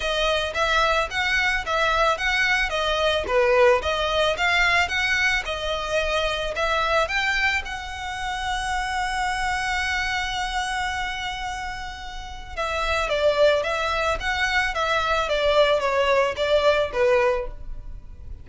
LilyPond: \new Staff \with { instrumentName = "violin" } { \time 4/4 \tempo 4 = 110 dis''4 e''4 fis''4 e''4 | fis''4 dis''4 b'4 dis''4 | f''4 fis''4 dis''2 | e''4 g''4 fis''2~ |
fis''1~ | fis''2. e''4 | d''4 e''4 fis''4 e''4 | d''4 cis''4 d''4 b'4 | }